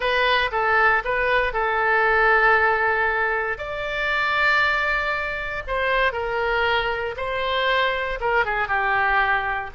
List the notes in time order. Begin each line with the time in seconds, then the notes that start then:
0.00 B4
0.51 A4
1.04 B4
1.53 A4
3.58 D5
5.67 C5
6.12 A#4
7.16 C5
8.20 A#4
8.45 G#4
8.68 G4